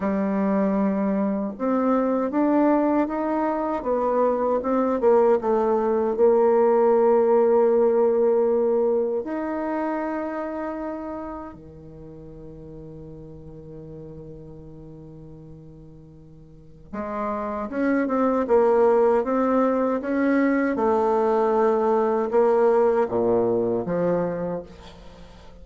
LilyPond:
\new Staff \with { instrumentName = "bassoon" } { \time 4/4 \tempo 4 = 78 g2 c'4 d'4 | dis'4 b4 c'8 ais8 a4 | ais1 | dis'2. dis4~ |
dis1~ | dis2 gis4 cis'8 c'8 | ais4 c'4 cis'4 a4~ | a4 ais4 ais,4 f4 | }